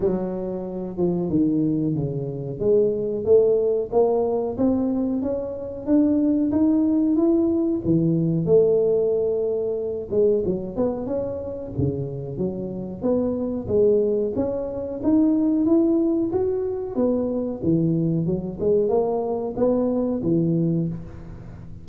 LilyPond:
\new Staff \with { instrumentName = "tuba" } { \time 4/4 \tempo 4 = 92 fis4. f8 dis4 cis4 | gis4 a4 ais4 c'4 | cis'4 d'4 dis'4 e'4 | e4 a2~ a8 gis8 |
fis8 b8 cis'4 cis4 fis4 | b4 gis4 cis'4 dis'4 | e'4 fis'4 b4 e4 | fis8 gis8 ais4 b4 e4 | }